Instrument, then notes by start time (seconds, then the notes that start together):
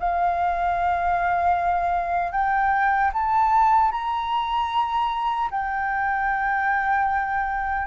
flute
0.00 F5
2.33 G5
3.14 A5
3.92 A#5
5.51 G5